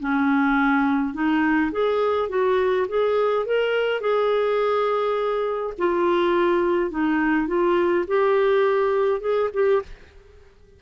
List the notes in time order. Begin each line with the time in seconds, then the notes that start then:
0.00 C#4
1.14 D#4
1.72 G#4
2.29 F#4
2.88 G#4
3.46 A#4
4.01 G#4
5.78 F4
6.91 D#4
7.47 F4
8.07 G4
9.20 G#4
9.53 G4